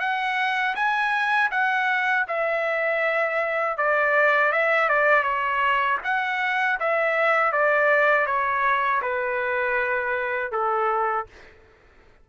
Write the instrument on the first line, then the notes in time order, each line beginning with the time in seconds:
trumpet
0.00 F#5
0.75 G#5
1.51 F#5
2.28 E5
3.77 D5
4.52 E5
4.89 D5
5.23 C#5
6.04 F#5
6.80 E5
7.52 D5
8.26 C#5
9.02 B4
10.52 A4